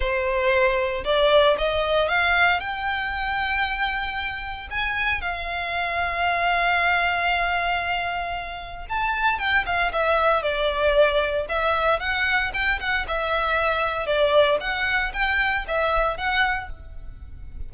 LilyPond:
\new Staff \with { instrumentName = "violin" } { \time 4/4 \tempo 4 = 115 c''2 d''4 dis''4 | f''4 g''2.~ | g''4 gis''4 f''2~ | f''1~ |
f''4 a''4 g''8 f''8 e''4 | d''2 e''4 fis''4 | g''8 fis''8 e''2 d''4 | fis''4 g''4 e''4 fis''4 | }